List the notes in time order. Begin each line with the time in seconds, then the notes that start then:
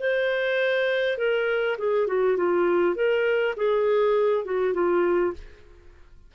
0.00 C5
1.18 A#4
1.78 G#4
2.08 F#4
2.37 F4
2.96 A#4
3.57 G#4
4.45 F#4
4.74 F4